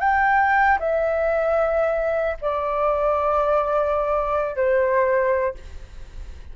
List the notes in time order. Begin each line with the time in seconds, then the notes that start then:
0.00 G5
0.80 E5
2.42 D5
4.56 C5